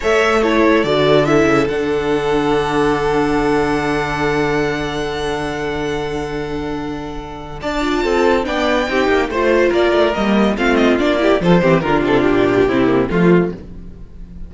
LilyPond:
<<
  \new Staff \with { instrumentName = "violin" } { \time 4/4 \tempo 4 = 142 e''4 cis''4 d''4 e''4 | fis''1~ | fis''1~ | fis''1~ |
fis''2 a''2 | g''2 c''4 d''4 | dis''4 f''8 dis''8 d''4 c''4 | ais'8 a'8 g'2 f'4 | }
  \new Staff \with { instrumentName = "violin" } { \time 4/4 cis''4 a'2.~ | a'1~ | a'1~ | a'1~ |
a'2 d''4 a'4 | d''4 g'4 c''4 ais'4~ | ais'4 f'4. g'8 a'8 g'8 | f'2 e'4 f'4 | }
  \new Staff \with { instrumentName = "viola" } { \time 4/4 a'4 e'4 fis'4 e'4 | d'1~ | d'1~ | d'1~ |
d'2~ d'8 f'4. | d'4 dis'4 f'2 | ais4 c'4 d'8 e'8 f'8 c'8 | d'2 c'8 ais8 a4 | }
  \new Staff \with { instrumentName = "cello" } { \time 4/4 a2 d4. cis8 | d1~ | d1~ | d1~ |
d2 d'4 c'4 | b4 c'8 ais8 a4 ais8 a8 | g4 a4 ais4 f8 e8 | d8 c8 ais,4 c4 f4 | }
>>